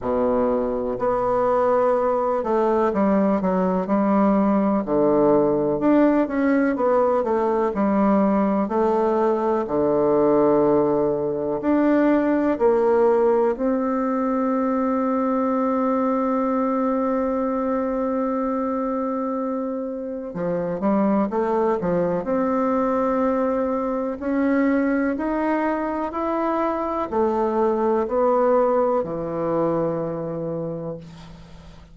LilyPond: \new Staff \with { instrumentName = "bassoon" } { \time 4/4 \tempo 4 = 62 b,4 b4. a8 g8 fis8 | g4 d4 d'8 cis'8 b8 a8 | g4 a4 d2 | d'4 ais4 c'2~ |
c'1~ | c'4 f8 g8 a8 f8 c'4~ | c'4 cis'4 dis'4 e'4 | a4 b4 e2 | }